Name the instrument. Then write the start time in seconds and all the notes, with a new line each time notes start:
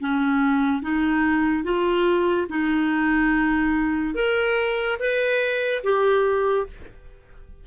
clarinet
0.00 C#4
0.82 D#4
1.64 F4
2.49 D#4
4.14 A#4
4.99 B4
5.83 G4